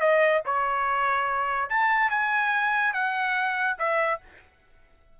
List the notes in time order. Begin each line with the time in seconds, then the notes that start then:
0.00 D#5
0.45 C#5
1.69 A5
2.10 G#5
2.93 F#5
3.78 E5